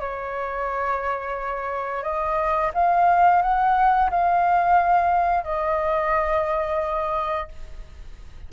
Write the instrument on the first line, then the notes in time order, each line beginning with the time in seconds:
flute
0.00 C#5
2.03 D#5
2.74 F5
3.42 F#5
4.10 F5
5.44 D#5